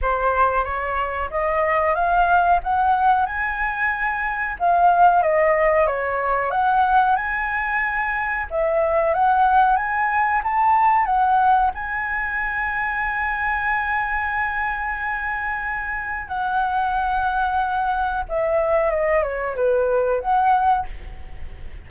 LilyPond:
\new Staff \with { instrumentName = "flute" } { \time 4/4 \tempo 4 = 92 c''4 cis''4 dis''4 f''4 | fis''4 gis''2 f''4 | dis''4 cis''4 fis''4 gis''4~ | gis''4 e''4 fis''4 gis''4 |
a''4 fis''4 gis''2~ | gis''1~ | gis''4 fis''2. | e''4 dis''8 cis''8 b'4 fis''4 | }